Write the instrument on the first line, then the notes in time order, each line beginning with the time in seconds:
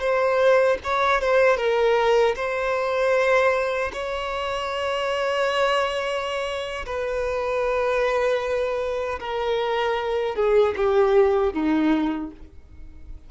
violin
0.00 C5
0.84 C#5
1.21 C5
1.57 A#4
2.36 C5
3.94 C#5
6.86 B4
9.20 A#4
10.36 G#4
10.77 G4
11.53 D#4